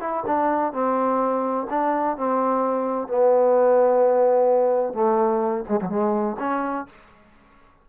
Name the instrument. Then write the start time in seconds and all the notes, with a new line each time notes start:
trombone
0.00 E4
0.26 D4
0.73 C4
1.70 D4
2.17 C4
3.08 B3
4.93 A3
5.69 G#3
5.81 F#3
5.89 G#3
6.39 C#4